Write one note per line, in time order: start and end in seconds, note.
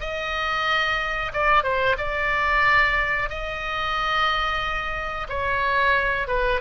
0.00 1.32 D#5
1.33 1.63 D5
1.63 1.96 C5
1.98 3.29 D5
3.29 5.27 D#5
5.29 6.27 C#5
6.27 6.60 B4